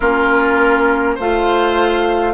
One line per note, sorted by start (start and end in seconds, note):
0.00 1.18 A#3
0.00 1.18 C#4
0.00 1.14 F4
0.00 1.17 A#4
1.14 2.33 A3
1.14 2.33 F4
1.14 2.32 C5
1.14 2.33 F5